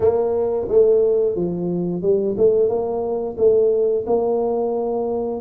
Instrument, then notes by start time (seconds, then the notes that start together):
tuba
0.00 A#3
0.68 A3
1.35 F3
2.02 G3
2.37 A3
2.68 A#3
3.37 A3
4.06 A#3